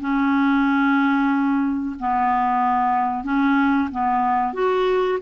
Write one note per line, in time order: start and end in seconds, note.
0.00 1.96 C#4
1.99 3.24 B3
3.24 3.89 C#4
3.91 4.53 B3
4.53 5.18 F#4